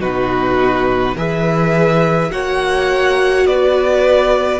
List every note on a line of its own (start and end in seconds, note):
0.00 1.15 B2
0.00 1.16 D#4
0.00 1.15 F#4
0.00 1.17 B4
1.15 2.31 E3
1.15 2.30 G#4
1.15 2.31 B4
1.15 2.31 E5
2.30 3.45 A#3
2.30 4.60 F#4
2.30 3.47 C#5
2.30 3.46 F#5
3.45 4.60 B3
3.45 4.60 B4
3.45 4.60 D5